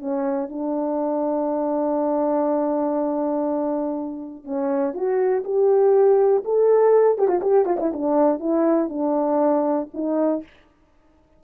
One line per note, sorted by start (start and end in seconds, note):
0.00 0.50 C#4
0.50 4.44 D4
4.44 4.94 C#4
4.95 5.44 F#4
5.45 6.44 G4
6.45 7.19 A4
7.19 7.28 G4
7.28 7.41 F4
7.42 7.66 G4
7.66 7.78 F4
7.80 7.93 E4
7.94 8.40 D4
8.40 8.89 E4
8.89 9.89 D4
9.94 10.44 D#4